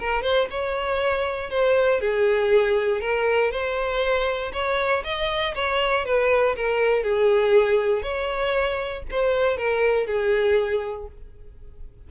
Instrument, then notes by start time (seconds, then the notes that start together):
violin
0.00 A#4
0.22 C5
0.51 C#5
1.50 C5
2.01 G#4
3.01 A#4
3.51 C5
4.53 C#5
5.04 D#5
5.55 C#5
6.05 B4
6.56 A#4
7.03 G#4
8.03 C#5
9.11 C5
9.58 A#4
10.07 G#4